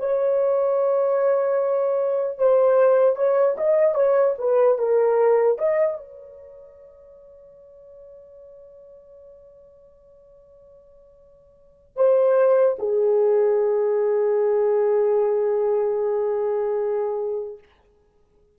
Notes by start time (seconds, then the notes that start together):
0.00 C#5
2.39 C5
3.16 C#5
3.58 D#5
3.95 C#5
4.39 B4
4.79 A#4
5.59 D#5
5.98 C#5
11.97 C5
12.79 G#4